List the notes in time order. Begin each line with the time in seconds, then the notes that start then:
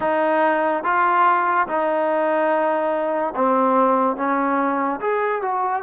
0.00 D#4
0.83 F4
1.67 D#4
3.35 C4
4.16 C#4
5.00 G#4
5.42 F#4